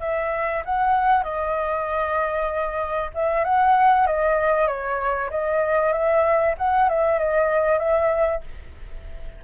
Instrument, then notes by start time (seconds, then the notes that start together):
flute
0.00 E5
0.65 F#5
1.23 D#5
3.14 E5
3.44 F#5
4.06 D#5
4.67 C#5
5.30 D#5
5.92 E5
6.58 F#5
6.89 E5
7.18 D#5
7.78 E5